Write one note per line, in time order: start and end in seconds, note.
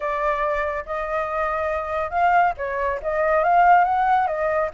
0.00 0.84 D5
0.85 2.10 D#5
2.10 2.53 F5
2.57 2.99 C#5
3.02 3.43 D#5
3.43 3.84 F5
3.84 4.27 F#5
4.27 4.69 D#5